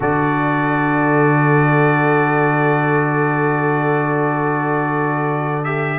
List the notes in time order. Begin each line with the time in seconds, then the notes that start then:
0.00 D3 F#4 A4 D5
5.64 G4 E5